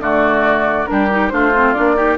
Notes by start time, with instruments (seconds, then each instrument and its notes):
0.00 bassoon D3, clarinet A3, oboe F#4, flute D5
0.87 bassoon G3, clarinet D4, oboe G4, flute A#4
1.11 clarinet D#4
1.29 bassoon A3, clarinet D4, oboe F4, flute C5
1.55 clarinet C4
1.73 bassoon A#3, clarinet D4, flute D5
1.96 clarinet D#4, oboe G4